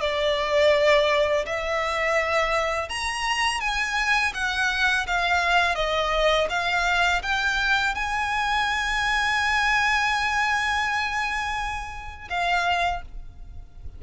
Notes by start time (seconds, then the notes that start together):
0.00 D5
1.45 E5
2.89 A#5
3.60 G#5
4.34 F#5
5.06 F5
5.75 D#5
6.49 F5
7.22 G5
7.94 G#5
12.29 F5